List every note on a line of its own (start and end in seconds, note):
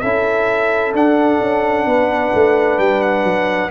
0.00 0.94 C#4
0.00 0.94 E4
0.00 1.86 A4
0.00 0.92 E5
0.94 1.40 D4
0.94 3.71 D4
0.94 2.79 F#5
1.41 1.86 C#4
1.86 2.32 B3
1.86 3.71 B4
2.34 2.79 A3
2.79 3.24 G3
2.79 3.01 G5
3.01 3.71 F#5
3.24 3.70 F#3